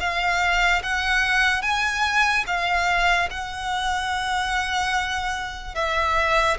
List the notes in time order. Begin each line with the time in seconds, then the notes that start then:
0.00 F5
0.83 F#5
1.62 G#5
2.47 F5
3.31 F#5
5.75 E5